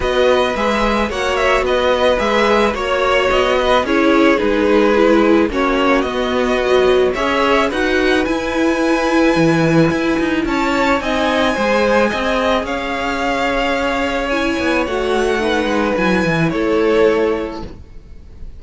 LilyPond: <<
  \new Staff \with { instrumentName = "violin" } { \time 4/4 \tempo 4 = 109 dis''4 e''4 fis''8 e''8 dis''4 | e''4 cis''4 dis''4 cis''4 | b'2 cis''4 dis''4~ | dis''4 e''4 fis''4 gis''4~ |
gis''2. a''4 | gis''2. f''4~ | f''2 gis''4 fis''4~ | fis''4 gis''4 cis''2 | }
  \new Staff \with { instrumentName = "violin" } { \time 4/4 b'2 cis''4 b'4~ | b'4 cis''4. b'8 gis'4~ | gis'2 fis'2~ | fis'4 cis''4 b'2~ |
b'2. cis''4 | dis''4 c''4 dis''4 cis''4~ | cis''1 | b'2 a'2 | }
  \new Staff \with { instrumentName = "viola" } { \time 4/4 fis'4 gis'4 fis'2 | gis'4 fis'2 e'4 | dis'4 e'4 cis'4 b4 | fis4 gis'4 fis'4 e'4~ |
e'1 | dis'4 gis'2.~ | gis'2 e'4 fis'4 | dis'4 e'2. | }
  \new Staff \with { instrumentName = "cello" } { \time 4/4 b4 gis4 ais4 b4 | gis4 ais4 b4 cis'4 | gis2 ais4 b4~ | b4 cis'4 dis'4 e'4~ |
e'4 e4 e'8 dis'8 cis'4 | c'4 gis4 c'4 cis'4~ | cis'2~ cis'8 b8 a4~ | a8 gis8 fis8 e8 a2 | }
>>